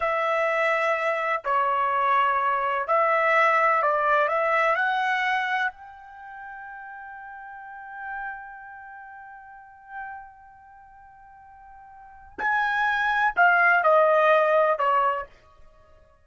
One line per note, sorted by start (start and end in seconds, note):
0.00 1.43 E5
1.44 2.87 C#5
2.87 3.82 E5
3.82 4.28 D5
4.28 4.75 E5
4.75 5.71 F#5
5.71 12.37 G5
12.38 13.34 G#5
13.36 13.83 F5
13.83 14.79 D#5
14.79 15.26 C#5